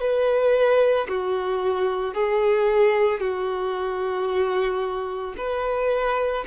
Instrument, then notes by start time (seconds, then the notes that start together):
violin
0.00 B4
1.08 F#4
2.14 G#4
3.20 F#4
5.37 B4